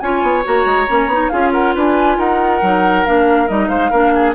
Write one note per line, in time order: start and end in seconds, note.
0.00 0.22 C#4
0.00 0.44 F4
0.00 1.32 C#5
0.00 0.43 G#5
0.22 0.44 B3
0.44 0.65 A#3
0.44 0.87 F#4
0.44 1.29 A#5
0.65 0.87 G#3
0.88 1.07 A#3
0.88 1.10 C#4
1.07 1.29 B3
1.07 1.32 D#4
1.29 1.76 C#4
1.29 2.62 F4
1.29 1.53 G#4
1.29 1.51 F5
1.52 1.74 A#4
1.52 1.74 F#5
1.74 2.18 D4
1.74 2.18 B4
1.74 2.19 G#5
2.18 2.61 D#4
2.18 3.69 A#4
2.18 3.06 F#5
2.62 3.06 F#3
2.62 3.06 D#4
3.06 3.50 A#3
3.06 3.48 D4
3.06 3.48 F5
3.48 3.69 G3
3.48 3.91 D#4
3.48 3.68 D#5
3.68 3.91 G#3
3.68 3.90 C5
3.68 4.33 F5
3.90 4.35 A#3
3.90 4.35 D4
3.90 4.12 A#4
4.15 4.35 G#4